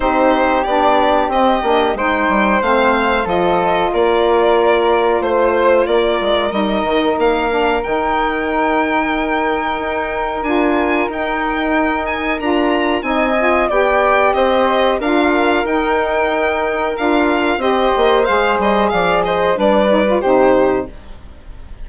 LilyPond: <<
  \new Staff \with { instrumentName = "violin" } { \time 4/4 \tempo 4 = 92 c''4 d''4 dis''4 g''4 | f''4 dis''4 d''2 | c''4 d''4 dis''4 f''4 | g''1 |
gis''4 g''4. gis''8 ais''4 | gis''4 g''4 dis''4 f''4 | g''2 f''4 dis''4 | f''8 dis''8 f''8 dis''8 d''4 c''4 | }
  \new Staff \with { instrumentName = "flute" } { \time 4/4 g'2. c''4~ | c''4 a'4 ais'2 | c''4 ais'2.~ | ais'1~ |
ais'1 | dis''4 d''4 c''4 ais'4~ | ais'2. c''4~ | c''4 d''8 c''8 b'4 g'4 | }
  \new Staff \with { instrumentName = "saxophone" } { \time 4/4 dis'4 d'4 c'8 d'8 dis'4 | c'4 f'2.~ | f'2 dis'4. d'8 | dis'1 |
f'4 dis'2 f'4 | dis'8 f'8 g'2 f'4 | dis'2 f'4 g'4 | gis'2 d'8 dis'16 f'16 dis'4 | }
  \new Staff \with { instrumentName = "bassoon" } { \time 4/4 c'4 b4 c'8 ais8 gis8 g8 | a4 f4 ais2 | a4 ais8 gis8 g8 dis8 ais4 | dis2. dis'4 |
d'4 dis'2 d'4 | c'4 b4 c'4 d'4 | dis'2 d'4 c'8 ais8 | gis8 g8 f4 g4 c4 | }
>>